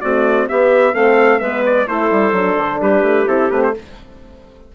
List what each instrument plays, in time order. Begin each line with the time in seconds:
0.00 horn A3, bassoon C4, clarinet F#4, trumpet D5
0.48 horn B3, bassoon B3, clarinet G4, trumpet E5
0.93 bassoon A3, horn C4, clarinet A4, trumpet F5
1.39 bassoon G#3, horn B3, clarinet B4, trumpet E5
1.65 trumpet D5
1.87 bassoon A3, horn E4, clarinet A4, trumpet C5
2.10 bassoon G3
2.32 bassoon F#3, horn D4
2.57 bassoon D3
2.80 bassoon G3, clarinet G4, trumpet B4
3.02 bassoon A3
3.27 bassoon C4, horn E4, trumpet A4
3.50 bassoon A3, horn C4, trumpet B4
3.63 trumpet C5